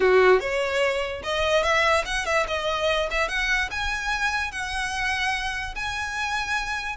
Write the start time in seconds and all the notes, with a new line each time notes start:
0.00 F#4
0.40 C#5
1.23 D#5
1.63 E5
2.05 F#5
2.25 E5
2.47 D#5
3.10 E5
3.28 F#5
3.70 G#5
4.51 F#5
5.75 G#5